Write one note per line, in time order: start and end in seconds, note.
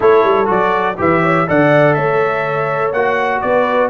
0.00 0.24 A3
0.00 0.45 E4
0.00 0.97 A4
0.00 0.50 C#5
0.24 0.48 G3
0.45 0.98 F#3
0.45 0.94 F#4
0.45 0.99 D5
0.97 1.48 E3
0.97 1.46 G4
0.97 1.22 B4
0.97 1.49 E5
1.22 1.46 C#5
1.47 1.96 D3
1.47 2.93 A4
1.47 1.96 D5
1.47 1.94 F#5
1.94 2.92 A3
1.94 3.42 C#5
1.94 2.91 E5
2.92 3.41 A#3
2.92 3.89 F#4
2.92 3.41 F#5
3.41 3.89 B3
3.41 3.89 B4
3.41 3.89 D5